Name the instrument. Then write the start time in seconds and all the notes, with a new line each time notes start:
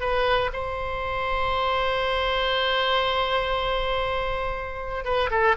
oboe
0.00 B4
0.53 C5
5.04 B4
5.30 A4